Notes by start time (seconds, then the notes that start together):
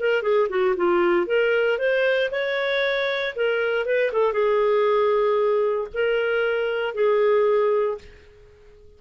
0.00 A#4
0.23 G#4
0.50 F#4
0.77 F4
1.27 A#4
1.79 C5
2.32 C#5
3.36 A#4
3.86 B4
4.13 A4
4.34 G#4
5.94 A#4
6.95 G#4